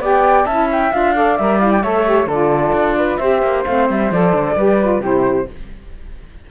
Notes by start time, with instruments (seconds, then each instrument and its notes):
0.00 cello B3, saxophone G4, flute D5 G5
0.46 cello C#4, saxophone E4, flute E5 A5
0.72 flute G5
0.93 cello D4, saxophone F4, flute F5
1.15 saxophone A4, flute D5
1.38 cello G3, saxophone A#4, flute E5
1.60 saxophone E4, flute F5
1.72 flute G5
1.83 cello A3, saxophone A4, flute C#5 E5
2.05 saxophone G4
2.27 cello D3, saxophone F4, flute A4 D5
2.73 cello D4
2.98 flute B4
3.18 cello C4, saxophone G4, flute C5 E5
3.42 cello A#3
3.66 cello A3, saxophone C4, flute F5
3.90 cello G3, flute E5
4.12 cello F3, saxophone A4, flute D5
4.33 cello D3
4.56 cello G3, saxophone G4, flute B4
4.81 saxophone F4
5.00 cello C3, saxophone E4, flute G4 C5